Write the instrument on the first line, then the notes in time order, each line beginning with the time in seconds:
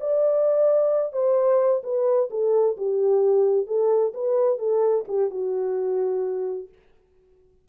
horn
0.00 D5
1.12 C5
1.83 B4
2.30 A4
2.77 G4
3.66 A4
4.13 B4
4.58 A4
5.07 G4
5.30 F#4